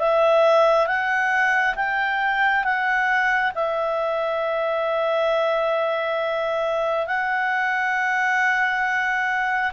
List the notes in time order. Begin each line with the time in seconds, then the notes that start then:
0.00 E5
0.87 F#5
1.76 G5
2.64 F#5
3.55 E5
7.07 F#5